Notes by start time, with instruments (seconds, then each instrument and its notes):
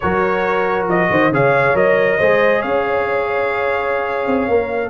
0.00 tuba F#3, trombone F#4, horn A#4, trumpet C#5
0.87 tuba F3, trumpet D#5
1.10 tuba D#3, horn C5
1.31 tuba C#3, trombone G#4, horn C#5, trumpet F5
1.74 tuba F#3, trombone A#4, trumpet D#5
2.18 tuba G#3, trombone G#4, horn C5
2.59 tuba C#4, horn C#5, trumpet F5
4.26 tuba C4
4.48 tuba A#3, trombone A#4